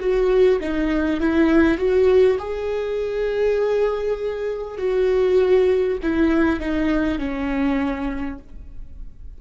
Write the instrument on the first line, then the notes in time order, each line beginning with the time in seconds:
viola
0.00 F#4
0.60 D#4
1.20 E4
1.78 F#4
2.39 G#4
4.78 F#4
6.03 E4
6.59 D#4
7.18 C#4